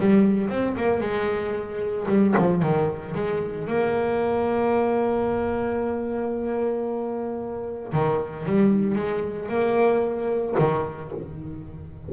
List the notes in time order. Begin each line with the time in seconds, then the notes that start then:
0.00 G3
0.50 C4
0.77 A#3
1.01 G#3
2.08 G3
2.37 F3
2.62 D#3
3.15 G#3
3.68 A#3
7.93 D#3
8.46 G3
8.96 G#3
9.49 A#3
10.59 D#3